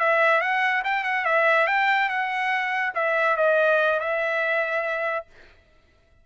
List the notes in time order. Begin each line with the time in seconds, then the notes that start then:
0.00 E5
0.41 F#5
0.84 G5
1.04 F#5
1.26 E5
1.67 G5
2.09 F#5
2.95 E5
3.37 D#5
4.00 E5